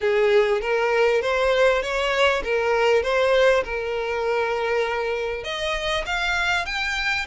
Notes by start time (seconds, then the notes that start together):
0.01 G#4
0.61 A#4
1.21 C5
1.82 C#5
2.43 A#4
3.02 C5
3.64 A#4
5.44 D#5
6.06 F5
6.65 G5